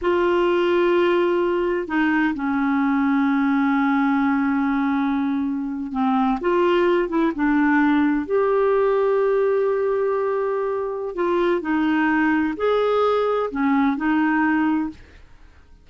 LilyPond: \new Staff \with { instrumentName = "clarinet" } { \time 4/4 \tempo 4 = 129 f'1 | dis'4 cis'2.~ | cis'1~ | cis'8. c'4 f'4. e'8 d'16~ |
d'4.~ d'16 g'2~ g'16~ | g'1 | f'4 dis'2 gis'4~ | gis'4 cis'4 dis'2 | }